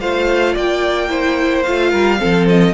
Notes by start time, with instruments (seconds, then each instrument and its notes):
0.00 cello A3, viola F4, violin C5 F5
0.53 cello A#3, violin D5 G5
1.08 viola E4, violin C5
1.63 cello A3, viola F4, violin F5
1.90 cello G3, violin A#4
2.17 viola C4, violin A4
2.24 cello F3
2.49 violin D#5